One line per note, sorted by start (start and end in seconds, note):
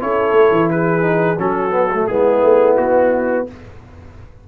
0.00 0.33 C#4
0.00 1.02 E4
0.00 0.72 A4
0.00 0.70 C#5
0.33 0.50 A3
0.51 1.37 E3
0.70 1.41 G#4
0.70 1.39 B4
1.02 1.37 D#4
1.39 2.07 F#3
1.39 1.71 C#4
1.39 2.09 F#4
1.39 2.07 A4
1.71 1.88 B3
1.94 2.10 A3
2.07 2.43 G#3
2.07 3.48 B3
2.07 3.47 E4
2.07 2.76 G#4
2.43 2.77 A3
2.77 3.46 B3
2.77 3.47 F#4